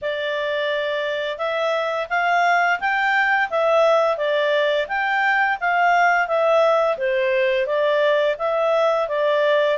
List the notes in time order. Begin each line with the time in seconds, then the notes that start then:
0.01 D5
1.38 E5
2.09 F5
2.79 G5
3.49 E5
4.17 D5
4.88 G5
5.60 F5
6.27 E5
6.97 C5
7.66 D5
8.38 E5
9.08 D5